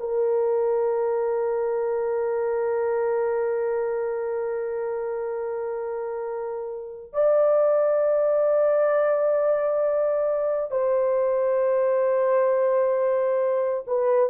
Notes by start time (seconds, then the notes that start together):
0.00 A#4
7.14 D5
10.71 C5
13.87 B4